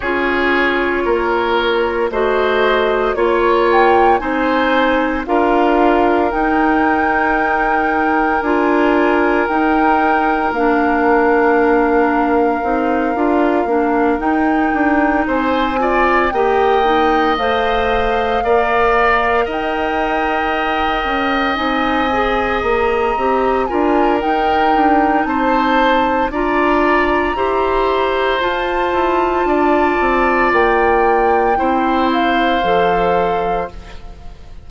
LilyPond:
<<
  \new Staff \with { instrumentName = "flute" } { \time 4/4 \tempo 4 = 57 cis''2 dis''4 cis''8 g''8 | gis''4 f''4 g''2 | gis''4 g''4 f''2~ | f''4. g''4 gis''4 g''8~ |
g''8 f''2 g''4.~ | g''8 gis''4 ais''4 gis''8 g''4 | a''4 ais''2 a''4~ | a''4 g''4. f''4. | }
  \new Staff \with { instrumentName = "oboe" } { \time 4/4 gis'4 ais'4 c''4 cis''4 | c''4 ais'2.~ | ais'1~ | ais'2~ ais'8 c''8 d''8 dis''8~ |
dis''4. d''4 dis''4.~ | dis''2~ dis''8 ais'4. | c''4 d''4 c''2 | d''2 c''2 | }
  \new Staff \with { instrumentName = "clarinet" } { \time 4/4 f'2 fis'4 f'4 | dis'4 f'4 dis'2 | f'4 dis'4 d'2 | dis'8 f'8 d'8 dis'4. f'8 g'8 |
dis'8 c''4 ais'2~ ais'8~ | ais'8 dis'8 gis'4 g'8 f'8 dis'4~ | dis'4 f'4 g'4 f'4~ | f'2 e'4 a'4 | }
  \new Staff \with { instrumentName = "bassoon" } { \time 4/4 cis'4 ais4 a4 ais4 | c'4 d'4 dis'2 | d'4 dis'4 ais2 | c'8 d'8 ais8 dis'8 d'8 c'4 ais8~ |
ais8 a4 ais4 dis'4. | cis'8 c'4 ais8 c'8 d'8 dis'8 d'8 | c'4 d'4 e'4 f'8 e'8 | d'8 c'8 ais4 c'4 f4 | }
>>